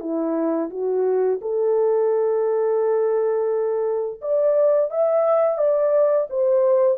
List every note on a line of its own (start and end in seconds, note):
0.00 0.70 E4
0.70 1.40 F#4
1.41 4.21 A4
4.21 4.91 D5
4.91 5.58 E5
5.58 6.28 D5
6.30 6.98 C5